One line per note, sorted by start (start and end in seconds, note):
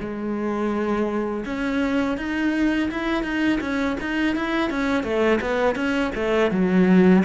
0.00 1.45 G#3
1.45 2.17 C#4
2.17 2.89 D#4
2.91 3.23 E4
3.23 3.59 D#4
3.60 3.96 C#4
4.01 4.35 D#4
4.35 4.70 E4
4.70 5.03 C#4
5.03 5.39 A3
5.41 5.75 B3
5.75 6.11 C#4
6.14 6.51 A3
6.51 7.23 F#3